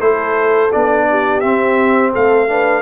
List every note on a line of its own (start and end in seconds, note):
0.00 0.71 A3
0.00 0.71 E4
0.00 1.06 A4
0.00 0.72 C5
0.73 1.43 B3
0.73 1.42 D4
0.73 1.40 D5
1.10 2.13 G4
1.40 2.48 C4
1.40 2.13 C4
1.40 2.11 E5
2.13 2.82 A3
2.13 2.48 A4
2.13 2.82 F5
2.48 2.82 D4
2.48 2.82 B4